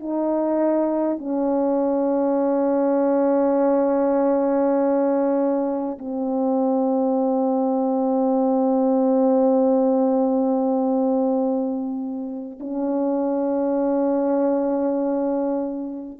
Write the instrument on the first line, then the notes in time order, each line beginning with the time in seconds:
horn
0.00 D#4
1.18 C#4
5.98 C4
12.59 C#4